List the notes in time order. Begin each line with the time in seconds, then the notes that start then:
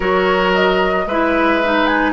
0.00 F#3 F#4 A#4 C#5
0.54 D#5
1.06 G#3 E4 B4 E5
1.63 D#4
1.86 G#5